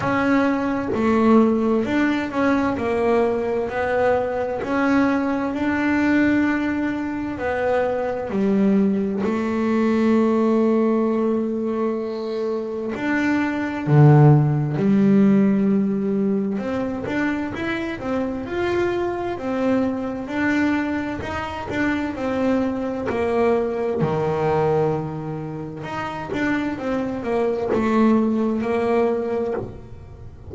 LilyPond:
\new Staff \with { instrumentName = "double bass" } { \time 4/4 \tempo 4 = 65 cis'4 a4 d'8 cis'8 ais4 | b4 cis'4 d'2 | b4 g4 a2~ | a2 d'4 d4 |
g2 c'8 d'8 e'8 c'8 | f'4 c'4 d'4 dis'8 d'8 | c'4 ais4 dis2 | dis'8 d'8 c'8 ais8 a4 ais4 | }